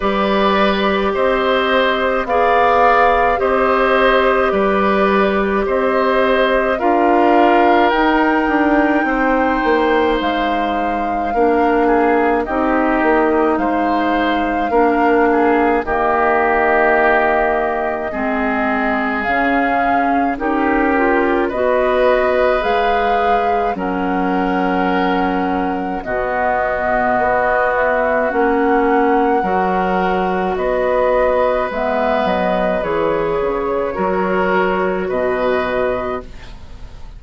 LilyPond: <<
  \new Staff \with { instrumentName = "flute" } { \time 4/4 \tempo 4 = 53 d''4 dis''4 f''4 dis''4 | d''4 dis''4 f''4 g''4~ | g''4 f''2 dis''4 | f''2 dis''2~ |
dis''4 f''4 ais'4 dis''4 | f''4 fis''2 dis''4~ | dis''8 e''8 fis''2 dis''4 | e''8 dis''8 cis''2 dis''4 | }
  \new Staff \with { instrumentName = "oboe" } { \time 4/4 b'4 c''4 d''4 c''4 | b'4 c''4 ais'2 | c''2 ais'8 gis'8 g'4 | c''4 ais'8 gis'8 g'2 |
gis'2 g'4 b'4~ | b'4 ais'2 fis'4~ | fis'2 ais'4 b'4~ | b'2 ais'4 b'4 | }
  \new Staff \with { instrumentName = "clarinet" } { \time 4/4 g'2 gis'4 g'4~ | g'2 f'4 dis'4~ | dis'2 d'4 dis'4~ | dis'4 d'4 ais2 |
c'4 cis'4 dis'8 f'8 fis'4 | gis'4 cis'2 b4~ | b4 cis'4 fis'2 | b4 gis'4 fis'2 | }
  \new Staff \with { instrumentName = "bassoon" } { \time 4/4 g4 c'4 b4 c'4 | g4 c'4 d'4 dis'8 d'8 | c'8 ais8 gis4 ais4 c'8 ais8 | gis4 ais4 dis2 |
gis4 cis4 cis'4 b4 | gis4 fis2 b,4 | b4 ais4 fis4 b4 | gis8 fis8 e8 cis8 fis4 b,4 | }
>>